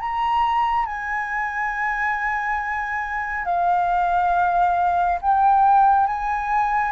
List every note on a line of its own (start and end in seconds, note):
0.00 0.86 A#5
0.86 3.45 G#5
3.45 5.19 F5
5.21 6.07 G5
6.07 6.92 G#5